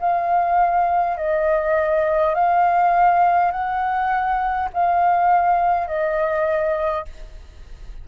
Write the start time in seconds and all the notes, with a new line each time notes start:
0.00 F5
1.17 D#5
2.35 F5
3.52 F#5
4.74 F5
5.88 D#5